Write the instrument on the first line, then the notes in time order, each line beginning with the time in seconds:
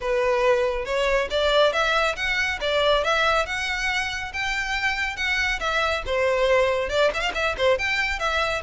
violin
0.00 B4
0.85 C#5
1.30 D5
1.72 E5
2.16 F#5
2.60 D5
3.03 E5
3.46 F#5
4.33 G5
5.16 F#5
5.59 E5
6.05 C5
6.89 D5
7.14 E5
7.20 F5
7.34 E5
7.57 C5
7.78 G5
8.19 E5